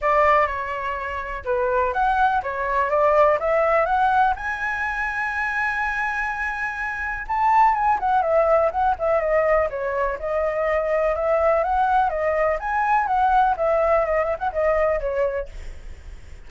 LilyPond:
\new Staff \with { instrumentName = "flute" } { \time 4/4 \tempo 4 = 124 d''4 cis''2 b'4 | fis''4 cis''4 d''4 e''4 | fis''4 gis''2.~ | gis''2. a''4 |
gis''8 fis''8 e''4 fis''8 e''8 dis''4 | cis''4 dis''2 e''4 | fis''4 dis''4 gis''4 fis''4 | e''4 dis''8 e''16 fis''16 dis''4 cis''4 | }